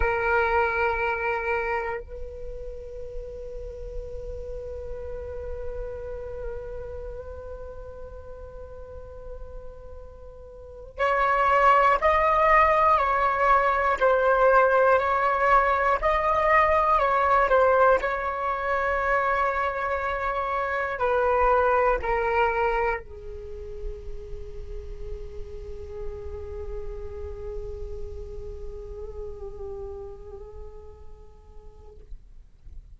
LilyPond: \new Staff \with { instrumentName = "flute" } { \time 4/4 \tempo 4 = 60 ais'2 b'2~ | b'1~ | b'2. cis''4 | dis''4 cis''4 c''4 cis''4 |
dis''4 cis''8 c''8 cis''2~ | cis''4 b'4 ais'4 gis'4~ | gis'1~ | gis'1 | }